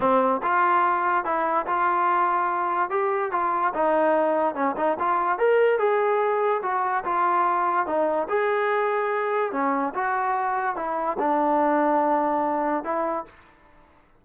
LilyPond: \new Staff \with { instrumentName = "trombone" } { \time 4/4 \tempo 4 = 145 c'4 f'2 e'4 | f'2. g'4 | f'4 dis'2 cis'8 dis'8 | f'4 ais'4 gis'2 |
fis'4 f'2 dis'4 | gis'2. cis'4 | fis'2 e'4 d'4~ | d'2. e'4 | }